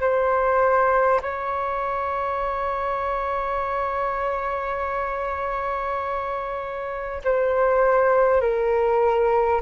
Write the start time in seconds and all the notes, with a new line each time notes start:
0.00 C5
1.22 C#5
7.24 C5
8.41 A#4